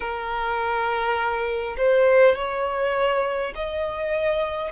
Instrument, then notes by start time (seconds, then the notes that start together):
violin
0.00 A#4
1.77 C5
2.35 C#5
3.55 D#5